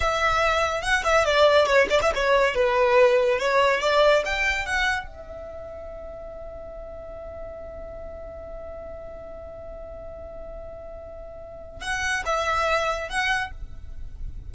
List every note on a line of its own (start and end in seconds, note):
0.00 0.82 E5
0.82 1.03 F#5
1.04 1.25 E5
1.25 1.66 D5
1.66 1.87 C#5
1.89 2.00 D5
2.01 2.12 E5
2.14 2.54 C#5
2.54 3.39 B4
3.39 3.80 C#5
3.80 4.23 D5
4.25 4.66 G5
4.66 5.06 F#5
5.06 11.81 E5
11.81 12.23 F#5
12.25 13.09 E5
13.09 13.51 F#5